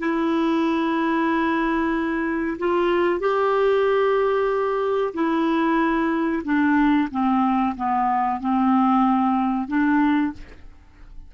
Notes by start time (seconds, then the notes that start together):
0.00 E4
2.59 F4
3.20 G4
5.14 E4
6.45 D4
7.11 C4
7.77 B3
8.40 C4
9.68 D4